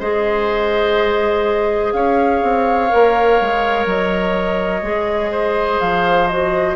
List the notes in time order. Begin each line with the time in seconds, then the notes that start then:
0.00 G#3 G#4 C5 D#5
1.93 C#4 C#5 F5
2.43 C4
2.90 A#3 A#4
3.41 G#3
3.86 F#3 D#5
4.83 G#3 G#4
5.32 C5
5.81 F3 F5
6.28 F#4 D#5